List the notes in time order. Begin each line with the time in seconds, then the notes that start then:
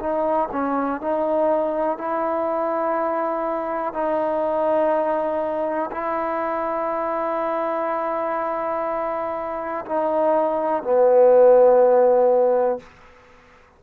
0.00 D#4
0.52 C#4
1.01 D#4
1.98 E4
3.93 D#4
5.92 E4
9.85 D#4
10.83 B3